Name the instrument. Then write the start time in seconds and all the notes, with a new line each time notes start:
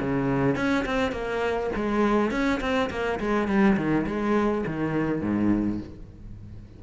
cello
0.00 C#3
0.56 C#4
0.86 C4
1.12 A#3
1.76 G#3
2.31 C#4
2.61 C4
2.90 A#3
3.20 G#3
3.48 G3
3.77 D#3
4.07 G#3
4.67 D#3
5.22 G#2